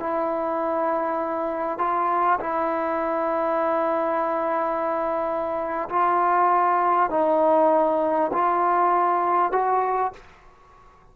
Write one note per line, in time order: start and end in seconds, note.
0.00 1.79 E4
1.79 2.40 F4
2.41 5.89 E4
5.90 7.11 F4
7.11 8.32 D#4
8.34 9.53 F4
9.53 10.13 F#4